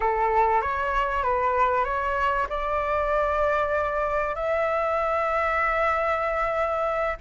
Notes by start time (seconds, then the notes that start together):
0.00 A4
0.61 C#5
1.23 B4
1.84 C#5
2.49 D5
4.35 E5